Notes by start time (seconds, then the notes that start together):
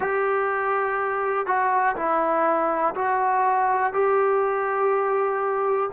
0.00 G4
1.46 F#4
1.96 E4
2.94 F#4
3.93 G4